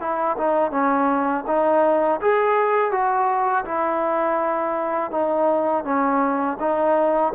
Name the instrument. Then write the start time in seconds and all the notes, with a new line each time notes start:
trombone
0.00 E4
0.37 D#4
0.71 C#4
1.47 D#4
2.21 G#4
2.91 F#4
3.65 E4
5.11 D#4
5.84 C#4
6.60 D#4